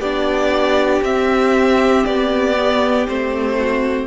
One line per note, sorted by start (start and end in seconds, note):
0.00 1.02 B3
0.00 1.04 D4
0.00 3.56 G4
0.00 1.03 D5
1.02 2.04 C4
1.02 2.56 C4
1.02 2.05 E5
2.05 3.08 B3
2.05 3.07 D5
2.56 3.07 B3
3.07 4.07 A3
3.07 4.07 C4
3.07 4.07 C5
3.59 4.07 F#4